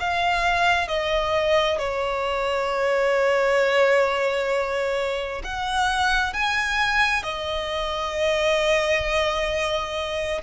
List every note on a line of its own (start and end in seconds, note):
0.00 0.88 F5
0.88 1.79 D#5
1.79 5.43 C#5
5.44 6.34 F#5
6.34 7.24 G#5
7.24 10.42 D#5